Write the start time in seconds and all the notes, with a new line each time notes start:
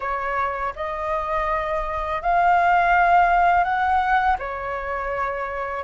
0.00 C#5
0.75 D#5
2.22 F5
3.64 F#5
4.38 C#5